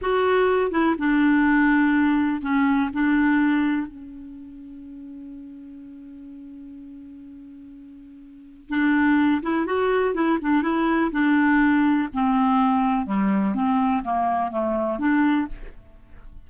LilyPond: \new Staff \with { instrumentName = "clarinet" } { \time 4/4 \tempo 4 = 124 fis'4. e'8 d'2~ | d'4 cis'4 d'2 | cis'1~ | cis'1~ |
cis'2 d'4. e'8 | fis'4 e'8 d'8 e'4 d'4~ | d'4 c'2 g4 | c'4 ais4 a4 d'4 | }